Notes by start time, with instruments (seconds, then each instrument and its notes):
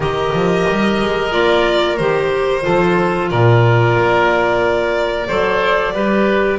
0.00 double bass D#3, clarinet G4, oboe A#4, violin D#5
0.33 double bass F3
0.70 double bass G3
1.01 double bass G#3
1.31 double bass A#3, clarinet F4, violin D5
1.96 double bass D#3, clarinet G4, violin C5
2.61 double bass F3, clarinet F4, oboe A4
3.30 double bass A#2, oboe A#4, violin D5
3.96 double bass A#3
5.27 double bass F#3, clarinet A4, oboe C5
5.92 double bass G3, clarinet G4, oboe B4